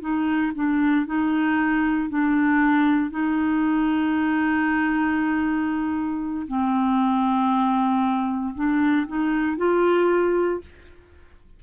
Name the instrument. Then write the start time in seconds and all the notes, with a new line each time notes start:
clarinet
0.00 D#4
0.55 D4
1.06 D#4
2.09 D4
3.10 D#4
6.47 C4
8.55 D4
9.08 D#4
9.57 F4